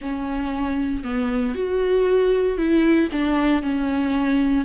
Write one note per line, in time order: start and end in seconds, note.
0.01 1.03 C#4
1.03 1.54 B3
1.54 2.57 F#4
2.57 3.09 E4
3.12 3.62 D4
3.62 4.64 C#4